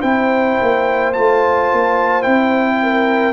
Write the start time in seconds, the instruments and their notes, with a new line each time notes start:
0.00 tuba C4, trombone E4, horn C5, trumpet G5
0.62 tuba A#3
1.13 tuba A3, trombone F4, trumpet A5
1.72 tuba A#3
2.22 tuba C4, trombone E4, trumpet G5
2.82 horn A#4